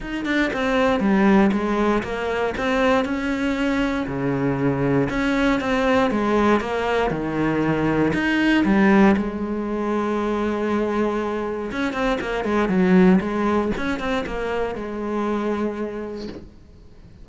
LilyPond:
\new Staff \with { instrumentName = "cello" } { \time 4/4 \tempo 4 = 118 dis'8 d'8 c'4 g4 gis4 | ais4 c'4 cis'2 | cis2 cis'4 c'4 | gis4 ais4 dis2 |
dis'4 g4 gis2~ | gis2. cis'8 c'8 | ais8 gis8 fis4 gis4 cis'8 c'8 | ais4 gis2. | }